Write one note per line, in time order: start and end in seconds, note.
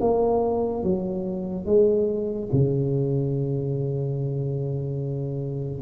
0.00 0.83 A#3
0.83 1.65 F#3
1.65 2.48 G#3
2.52 5.81 C#3